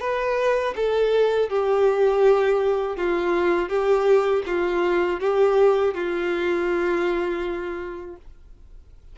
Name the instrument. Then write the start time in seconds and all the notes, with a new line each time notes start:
violin
0.00 B4
0.75 A4
1.49 G4
2.96 F4
3.69 G4
4.46 F4
5.20 G4
5.94 F4